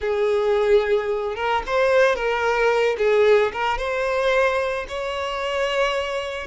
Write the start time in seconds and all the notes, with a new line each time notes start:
0.00 G#4
1.35 A#4
1.66 C5
2.15 A#4
2.97 G#4
3.52 A#4
3.77 C5
4.88 C#5